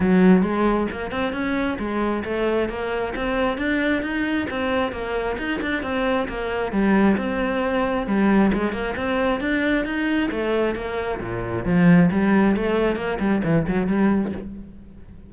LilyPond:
\new Staff \with { instrumentName = "cello" } { \time 4/4 \tempo 4 = 134 fis4 gis4 ais8 c'8 cis'4 | gis4 a4 ais4 c'4 | d'4 dis'4 c'4 ais4 | dis'8 d'8 c'4 ais4 g4 |
c'2 g4 gis8 ais8 | c'4 d'4 dis'4 a4 | ais4 ais,4 f4 g4 | a4 ais8 g8 e8 fis8 g4 | }